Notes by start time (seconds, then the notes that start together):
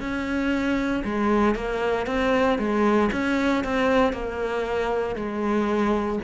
0.00 C#4
1.04 G#3
1.55 A#3
2.06 C4
2.59 G#3
3.12 C#4
3.64 C4
4.13 A#3
5.15 G#3